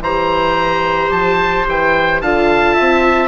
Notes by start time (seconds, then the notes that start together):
0.00 E3 G4 C5 A#5
1.10 F3 A5
1.68 E3 G5
2.21 D3 F4 F5 A5
2.74 C4 E5